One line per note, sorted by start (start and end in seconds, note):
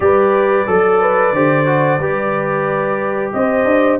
0.00 0.66 G3
0.00 0.66 G4
0.00 0.69 B4
0.00 3.31 D5
0.66 1.32 F#3
0.66 1.33 A4
0.66 1.01 A4
1.01 1.34 B4
1.32 1.99 D3
1.32 1.66 G4
1.32 1.99 C5
1.66 1.99 F#4
1.99 3.32 G3
1.99 4.00 G4
1.99 3.32 B4
3.32 3.65 C4
3.32 4.00 C5
3.32 3.99 D#5
3.65 3.98 D4